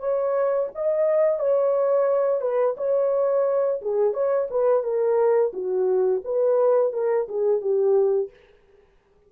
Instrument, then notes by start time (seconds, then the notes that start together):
horn
0.00 C#5
0.76 D#5
1.40 C#5
2.42 B4
2.78 C#5
3.82 G#4
4.14 C#5
4.51 B4
4.83 A#4
5.54 F#4
6.25 B4
6.93 A#4
7.29 G#4
7.61 G4